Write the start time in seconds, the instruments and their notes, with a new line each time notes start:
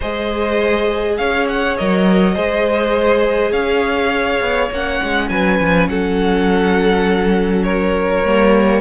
0.00 cello G#3, viola G#4, violin C5 D#5
1.17 cello C#4, violin C#5 F5
1.48 violin F#5
1.77 cello F#3, viola A#4, violin D#5
2.35 cello G#3, viola G#4, violin C5
3.51 cello C#4, violin C#5 F5
4.40 cello B3
4.70 cello A#3, viola C#4, violin F#5
5.03 cello G#3
5.28 cello F#3, violin B4 G#5
5.59 cello F3
5.88 cello F#3, violin A4 F#5
7.63 violin A#4 C#5
8.23 cello G3, viola A#3